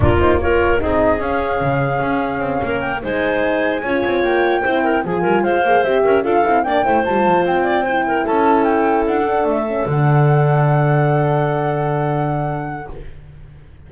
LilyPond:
<<
  \new Staff \with { instrumentName = "flute" } { \time 4/4 \tempo 4 = 149 ais'8 c''8 cis''4 dis''4 f''4~ | f''2. g''8 gis''8~ | gis''2~ gis''8 g''4.~ | g''8 gis''4 f''4 e''4 f''8~ |
f''8 g''4 a''4 g''4.~ | g''8 a''4 g''4 fis''4 e''8~ | e''8 fis''2.~ fis''8~ | fis''1 | }
  \new Staff \with { instrumentName = "clarinet" } { \time 4/4 f'4 ais'4 gis'2~ | gis'2~ gis'8 ais'4 c''8~ | c''4. cis''2 c''8 | ais'8 gis'8 ais'8 c''4. ais'8 a'8~ |
a'8 d''8 c''2 d''8 c''8 | ais'8 a'2.~ a'8~ | a'1~ | a'1 | }
  \new Staff \with { instrumentName = "horn" } { \time 4/4 d'8 dis'8 f'4 dis'4 cis'4~ | cis'2.~ cis'8 dis'8~ | dis'4. f'2 e'8~ | e'8 f'4. gis'8 g'4 f'8 |
e'8 d'8 e'8 f'2 e'8~ | e'2. d'4 | cis'8 d'2.~ d'8~ | d'1 | }
  \new Staff \with { instrumentName = "double bass" } { \time 4/4 ais2 c'4 cis'4 | cis4 cis'4 c'8 ais4 gis8~ | gis4. cis'8 c'8 ais4 c'8~ | c'8 f8 g8 gis8 ais8 c'8 cis'8 d'8 |
c'8 ais8 a8 g8 f8 c'4.~ | c'8 cis'2 d'4 a8~ | a8 d2.~ d8~ | d1 | }
>>